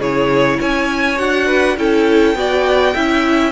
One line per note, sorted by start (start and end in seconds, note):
0.00 0.59 C#3
0.00 1.17 E4
0.00 0.59 G#4
0.00 0.60 C#5
0.59 1.19 C#4
0.59 1.47 C#5
0.59 1.19 G#5
1.17 1.78 D4
1.17 1.76 F#4
1.17 1.78 F#5
1.47 1.76 B4
1.77 2.35 C#4
1.77 2.36 E4
1.77 2.38 A4
1.77 3.52 G5
2.35 2.94 B3
2.35 2.95 F#4
2.35 2.94 D5
2.94 3.52 C#4
2.94 3.52 E4
2.94 3.52 E5